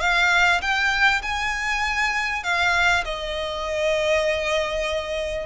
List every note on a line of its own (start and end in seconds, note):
0.00 0.61 F5
0.61 1.21 G5
1.22 2.43 G#5
2.43 3.04 F5
3.04 5.46 D#5